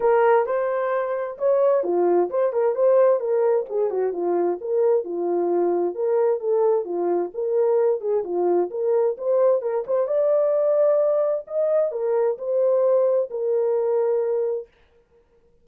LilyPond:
\new Staff \with { instrumentName = "horn" } { \time 4/4 \tempo 4 = 131 ais'4 c''2 cis''4 | f'4 c''8 ais'8 c''4 ais'4 | gis'8 fis'8 f'4 ais'4 f'4~ | f'4 ais'4 a'4 f'4 |
ais'4. gis'8 f'4 ais'4 | c''4 ais'8 c''8 d''2~ | d''4 dis''4 ais'4 c''4~ | c''4 ais'2. | }